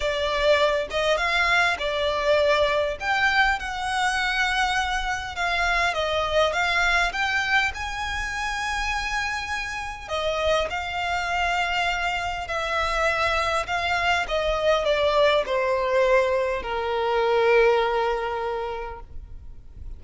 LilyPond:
\new Staff \with { instrumentName = "violin" } { \time 4/4 \tempo 4 = 101 d''4. dis''8 f''4 d''4~ | d''4 g''4 fis''2~ | fis''4 f''4 dis''4 f''4 | g''4 gis''2.~ |
gis''4 dis''4 f''2~ | f''4 e''2 f''4 | dis''4 d''4 c''2 | ais'1 | }